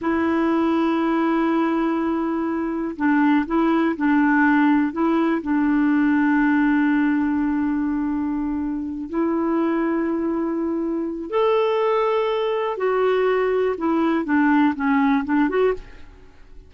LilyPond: \new Staff \with { instrumentName = "clarinet" } { \time 4/4 \tempo 4 = 122 e'1~ | e'2 d'4 e'4 | d'2 e'4 d'4~ | d'1~ |
d'2~ d'8 e'4.~ | e'2. a'4~ | a'2 fis'2 | e'4 d'4 cis'4 d'8 fis'8 | }